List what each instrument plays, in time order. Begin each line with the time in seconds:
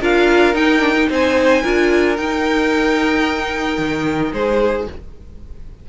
0.00 cello D4, viola F4, violin A#4 F5
0.53 viola D#4, cello D#4, violin G5
0.79 viola D4
0.96 viola D#4
1.09 cello C4, violin C5 G#5
1.63 cello D4, viola F4, violin A#4
2.16 viola D#4, cello D#4, violin G5
3.78 cello D#3
4.33 cello G#3, violin G#4 C5